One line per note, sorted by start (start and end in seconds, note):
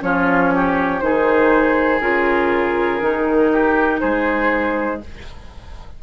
0.00 1.01 F3
0.00 1.00 C#4
0.00 0.54 F4
0.00 1.00 C#5
0.54 1.04 G4
1.00 2.01 D#3
1.00 2.01 D#4
1.00 3.51 G#4
1.00 2.00 C5
2.01 3.01 C#3
2.01 3.00 F4
2.01 4.00 A#4
3.00 4.01 D#3
3.00 5.00 D#4
3.51 4.00 G4
4.00 5.02 G#3
4.00 5.00 G#4
4.00 5.00 C5